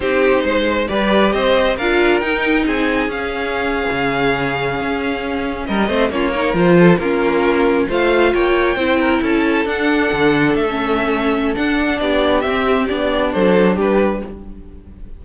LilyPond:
<<
  \new Staff \with { instrumentName = "violin" } { \time 4/4 \tempo 4 = 135 c''2 d''4 dis''4 | f''4 g''4 gis''4 f''4~ | f''1~ | f''8. dis''4 cis''4 c''4 ais'16~ |
ais'4.~ ais'16 f''4 g''4~ g''16~ | g''8. a''4 fis''2 e''16~ | e''2 fis''4 d''4 | e''4 d''4 c''4 b'4 | }
  \new Staff \with { instrumentName = "violin" } { \time 4/4 g'4 c''4 b'4 c''4 | ais'2 gis'2~ | gis'1~ | gis'8. ais'8 c''8 f'8 ais'4 a'8 f'16~ |
f'4.~ f'16 c''4 cis''4 c''16~ | c''16 ais'8 a'2.~ a'16~ | a'2. g'4~ | g'2 a'4 g'4 | }
  \new Staff \with { instrumentName = "viola" } { \time 4/4 dis'2 g'2 | f'4 dis'2 cis'4~ | cis'1~ | cis'4~ cis'16 c'8 cis'8 dis'8 f'4 cis'16~ |
cis'4.~ cis'16 f'2 e'16~ | e'4.~ e'16 d'2~ d'16 | cis'2 d'2 | c'4 d'2. | }
  \new Staff \with { instrumentName = "cello" } { \time 4/4 c'4 gis4 g4 c'4 | d'4 dis'4 c'4 cis'4~ | cis'8. cis2 cis'4~ cis'16~ | cis'8. g8 a8 ais4 f4 ais16~ |
ais4.~ ais16 a4 ais4 c'16~ | c'8. cis'4 d'4 d4 a16~ | a2 d'4 b4 | c'4 b4 fis4 g4 | }
>>